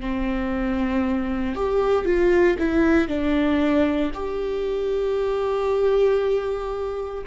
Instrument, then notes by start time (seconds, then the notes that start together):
viola
0.00 C4
1.55 G4
2.05 F4
2.59 E4
3.08 D4
4.14 G4